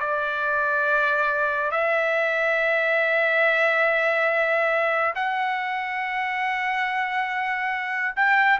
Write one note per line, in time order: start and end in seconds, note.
0.00 1.71 D5
1.71 5.14 E5
5.15 8.15 F#5
8.16 8.59 G5